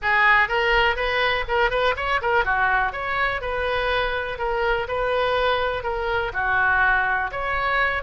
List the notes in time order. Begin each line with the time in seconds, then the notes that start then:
0.01 G#4
0.48 A#4
0.96 B4
1.48 A#4
1.70 B4
1.96 C#5
2.21 A#4
2.45 F#4
2.92 C#5
3.41 B4
4.38 A#4
4.88 B4
5.83 A#4
6.33 F#4
7.31 C#5